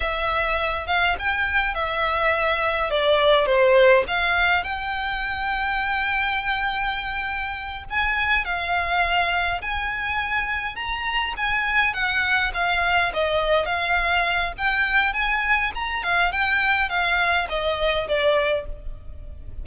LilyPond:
\new Staff \with { instrumentName = "violin" } { \time 4/4 \tempo 4 = 103 e''4. f''8 g''4 e''4~ | e''4 d''4 c''4 f''4 | g''1~ | g''4. gis''4 f''4.~ |
f''8 gis''2 ais''4 gis''8~ | gis''8 fis''4 f''4 dis''4 f''8~ | f''4 g''4 gis''4 ais''8 f''8 | g''4 f''4 dis''4 d''4 | }